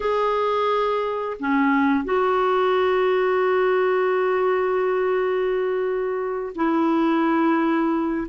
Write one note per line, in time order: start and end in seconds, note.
0.00 1.37 G#4
1.39 2.04 C#4
2.04 6.52 F#4
6.55 8.27 E4